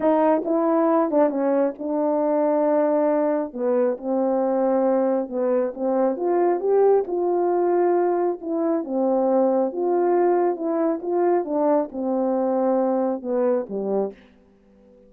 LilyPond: \new Staff \with { instrumentName = "horn" } { \time 4/4 \tempo 4 = 136 dis'4 e'4. d'8 cis'4 | d'1 | b4 c'2. | b4 c'4 f'4 g'4 |
f'2. e'4 | c'2 f'2 | e'4 f'4 d'4 c'4~ | c'2 b4 g4 | }